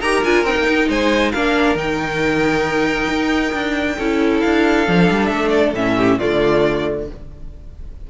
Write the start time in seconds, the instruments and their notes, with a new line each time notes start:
0.00 cello D#4, viola G4, violin A#4 A#5
0.24 cello D4, viola F4, violin G#5
0.44 cello C4, viola D#4, violin G5
0.57 cello A#3
0.69 cello D#4
0.88 cello G#3, violin C5 G#5
1.32 cello A#3, viola D4, violin A#4 F5
1.75 cello D#3, viola D#4, violin G5
3.09 cello D#4
3.53 cello D4
3.97 cello C#4, viola E4, violin A4
4.40 cello D4, violin F5
4.86 cello F3, viola D4
5.10 cello G3
5.26 cello A3, violin E5
5.50 violin D5
5.74 cello A2, viola C#4, violin E5
5.97 violin G4
6.18 cello D3, viola A3, violin F4 D5